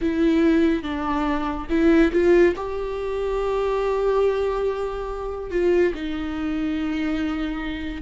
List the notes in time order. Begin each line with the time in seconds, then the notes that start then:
0.01 E4
0.82 D4
1.69 E4
2.12 F4
2.55 G4
5.50 F4
5.94 D#4